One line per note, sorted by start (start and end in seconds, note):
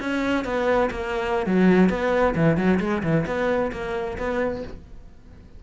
0.00 0.45 C#4
0.45 0.90 B3
0.91 1.47 A#3
1.47 1.90 F#3
1.90 2.35 B3
2.36 2.57 E3
2.57 2.80 F#3
2.80 3.03 G#3
3.03 3.26 E3
3.27 3.72 B3
3.73 4.18 A#3
4.18 4.63 B3